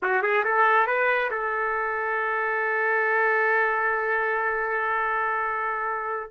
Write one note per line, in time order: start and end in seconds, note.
0.02 0.22 F#4
0.22 0.43 G#4
0.44 0.87 A4
0.87 1.30 B4
1.30 6.30 A4